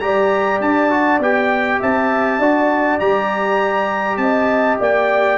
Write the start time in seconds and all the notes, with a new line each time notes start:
0.00 G3 G4 D5 A#5
0.60 D4 A5
0.90 F#4
1.19 B3 G4 G5
1.80 C4 E5 A5
2.39 D4 F#4 D5
3.00 G3 G4 A#5
4.17 C4 D#5 A5
4.80 A#3 D5 G5